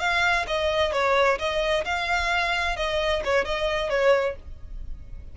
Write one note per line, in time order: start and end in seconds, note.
0.00 0.46 F5
0.47 0.93 D#5
0.93 1.39 C#5
1.39 1.85 D#5
1.85 2.77 F5
2.77 3.22 D#5
3.25 3.45 C#5
3.45 3.90 D#5
3.90 4.36 C#5